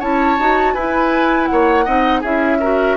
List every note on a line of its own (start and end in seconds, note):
0.00 0.39 C#4
0.00 0.38 E4
0.00 0.74 C#5
0.00 0.74 A5
0.39 0.75 D#4
0.39 0.77 F#4
0.74 1.49 E4
0.74 1.86 E4
0.74 1.49 B4
0.74 1.47 G#5
1.47 1.87 A#3
1.47 1.85 C#5
1.47 2.21 F#5
1.85 2.23 C4
1.85 2.23 D#4
1.85 2.21 D#5
2.21 2.97 C#4
2.21 2.61 E4
2.21 2.58 G#4
2.21 2.97 E5
2.60 2.97 F#4
2.60 2.97 A#4